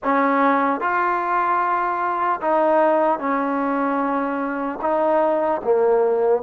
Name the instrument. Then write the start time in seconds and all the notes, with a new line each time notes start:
trombone
0.03 C#4
0.80 F4
2.41 D#4
3.19 C#4
4.81 D#4
5.64 A#3